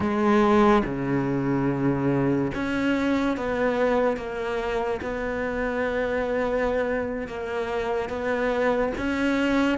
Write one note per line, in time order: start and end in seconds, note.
0.00 0.83 G#3
0.85 2.52 C#3
2.54 3.36 C#4
3.36 4.17 B3
4.17 5.00 A#3
5.02 7.27 B3
7.27 8.09 A#3
8.09 8.92 B3
8.97 9.78 C#4